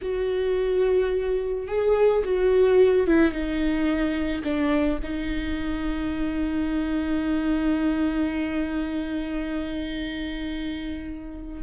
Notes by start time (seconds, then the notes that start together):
0.01 F#4
1.67 G#4
2.24 F#4
3.07 E4
3.31 D#4
4.43 D4
5.03 D#4